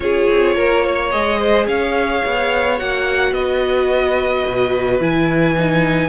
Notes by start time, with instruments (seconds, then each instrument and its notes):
0.00 cello C#4, viola F4, violin G#4 C#5
0.30 cello C4
0.55 cello A#3, violin A#4
0.83 violin C#5
1.11 cello G#3, viola G#4, violin D#5
1.38 violin C5
1.66 cello C#4, violin C#5 F5
2.25 cello B3
2.78 cello A#3, viola F#4, violin F#5
3.31 cello B3, violin B4 D#5
4.47 cello B2
4.99 cello E3, viola E4, violin G#5
5.57 viola D#4